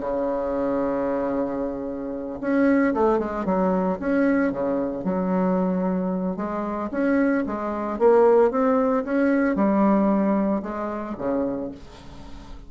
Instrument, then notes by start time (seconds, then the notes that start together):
bassoon
0.00 C#3
2.40 C#4
2.94 A3
3.18 G#3
3.45 F#3
3.99 C#4
4.52 C#3
5.04 F#3
6.36 G#3
6.91 C#4
7.46 G#3
7.99 A#3
8.51 C4
9.04 C#4
9.56 G3
10.62 G#3
11.18 C#3